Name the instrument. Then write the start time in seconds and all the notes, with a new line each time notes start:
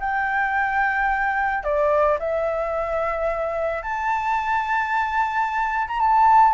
flute
0.00 G5
1.64 D5
2.19 E5
3.83 A5
5.88 A#5
6.00 A5